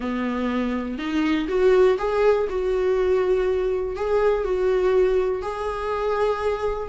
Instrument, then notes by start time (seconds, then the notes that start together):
viola
0.00 B3
0.98 D#4
1.48 F#4
1.98 G#4
2.49 F#4
3.95 G#4
4.44 F#4
5.41 G#4